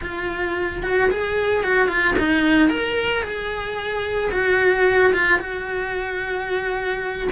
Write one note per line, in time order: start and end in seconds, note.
0.01 0.82 F4
0.83 1.10 F#4
1.11 1.63 G#4
1.63 1.87 F#4
1.87 2.14 F4
2.19 2.69 D#4
2.69 3.22 A#4
3.22 4.30 G#4
4.31 5.12 F#4
5.13 5.39 F4
5.39 7.28 F#4